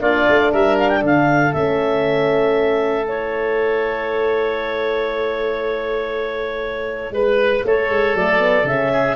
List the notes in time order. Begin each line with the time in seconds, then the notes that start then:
0.00 A#3 D4 F4 D5
0.29 A3
0.52 G3 A#4 E5
0.79 F5
0.89 G5
1.00 D3 A4
1.06 F5
1.53 A3 C#4 E5
3.08 E4 C#5
7.11 G#3 B4
7.64 A3 A4 C#5
7.90 G#3
8.15 F#3 A3 D5
8.39 B3
8.63 C#3 C#4 E5
8.92 G#4